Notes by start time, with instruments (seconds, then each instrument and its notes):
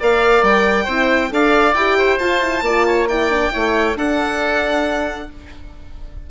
0.00 bassoon A#3, horn A#4, oboe D5, violin F5
0.43 bassoon G3, violin G5
0.85 bassoon C4, horn E4, oboe C5
1.30 bassoon D4, horn A4, oboe D5, violin F5
1.74 bassoon E4, horn G4, violin G5
1.98 oboe C5
2.19 horn F4, bassoon F4, violin A5
2.41 horn E4
2.62 bassoon A#3, horn F4, oboe D5
2.87 oboe C#5
3.09 horn E4, oboe D5, violin G5
3.30 horn D4
3.51 bassoon A3, horn E4, oboe C#5
3.96 horn D4, bassoon D4, oboe A4, violin F#5